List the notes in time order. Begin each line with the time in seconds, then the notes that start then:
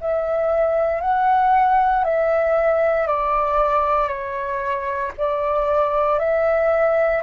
0.00 E5
1.01 F#5
2.04 E5
3.07 D5
4.08 C#5
5.17 D5
6.19 E5